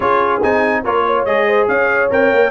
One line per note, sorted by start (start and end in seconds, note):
0.00 0.42 C#4
0.00 0.41 F4
0.00 0.81 G#4
0.00 0.41 C#5
0.42 0.85 C4
0.42 0.84 D#4
0.42 0.84 G#5
0.83 1.25 A#3
0.83 1.26 F4
0.83 1.04 A#4
0.83 1.25 C#5
1.06 1.47 C#5
1.25 1.67 G#3
1.25 2.10 G#4
1.25 1.67 D#5
1.47 1.68 C5
1.67 2.09 C#4
1.67 2.50 C#5
1.67 2.10 F5
2.10 2.31 C4
2.10 2.50 A#4
2.10 2.50 G5
2.31 2.50 A#3